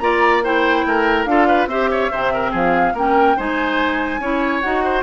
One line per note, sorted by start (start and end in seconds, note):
0.00 0.84 A#3
0.00 0.44 F4
0.00 0.44 D5
0.00 0.42 A#5
0.44 1.28 E4
0.44 0.86 C5
0.44 1.26 G5
0.87 1.26 A3
0.87 1.30 A#4
1.26 1.67 D4
1.26 1.70 F4
1.26 1.48 A4
1.26 1.68 F5
1.48 1.69 B4
1.67 2.09 C4
1.67 2.12 G4
1.67 1.90 C5
1.67 2.53 E5
1.91 2.12 C#5
2.12 2.53 C3
2.12 2.96 C4
2.12 2.33 C5
2.34 2.52 A#4
2.52 2.94 F3
2.52 2.94 G#4
2.52 2.97 F5
2.94 3.36 A#3
2.94 3.38 C#4
2.94 3.37 A#4
2.94 3.40 G5
3.37 4.20 G#3
3.37 4.22 D#4
3.37 4.21 C5
3.37 4.61 G#5
4.20 4.62 C#4
4.20 4.63 E4
4.20 4.84 C#5
4.61 5.03 D#4
4.61 5.03 F#4
4.61 5.03 F#5
4.84 5.03 C5